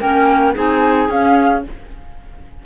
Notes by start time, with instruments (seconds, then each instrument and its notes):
0.00 cello A#3, clarinet C#4 A#4, flute G5
0.54 cello C4, clarinet D#4 G#4, flute G#5
1.09 cello C#4, clarinet C#4, flute F5